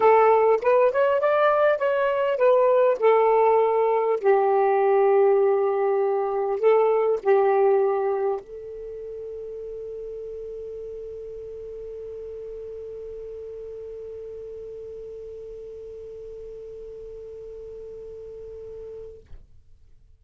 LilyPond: \new Staff \with { instrumentName = "saxophone" } { \time 4/4 \tempo 4 = 100 a'4 b'8 cis''8 d''4 cis''4 | b'4 a'2 g'4~ | g'2. a'4 | g'2 a'2~ |
a'1~ | a'1~ | a'1~ | a'1 | }